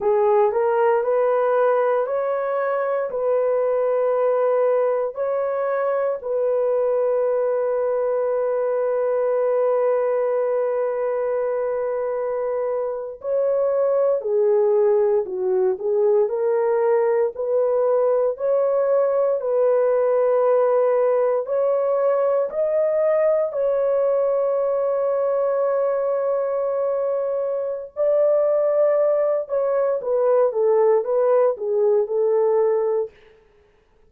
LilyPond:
\new Staff \with { instrumentName = "horn" } { \time 4/4 \tempo 4 = 58 gis'8 ais'8 b'4 cis''4 b'4~ | b'4 cis''4 b'2~ | b'1~ | b'8. cis''4 gis'4 fis'8 gis'8 ais'16~ |
ais'8. b'4 cis''4 b'4~ b'16~ | b'8. cis''4 dis''4 cis''4~ cis''16~ | cis''2. d''4~ | d''8 cis''8 b'8 a'8 b'8 gis'8 a'4 | }